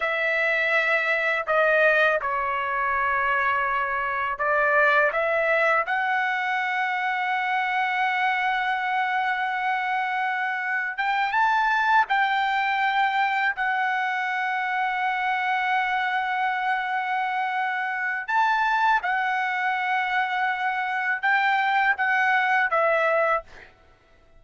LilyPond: \new Staff \with { instrumentName = "trumpet" } { \time 4/4 \tempo 4 = 82 e''2 dis''4 cis''4~ | cis''2 d''4 e''4 | fis''1~ | fis''2. g''8 a''8~ |
a''8 g''2 fis''4.~ | fis''1~ | fis''4 a''4 fis''2~ | fis''4 g''4 fis''4 e''4 | }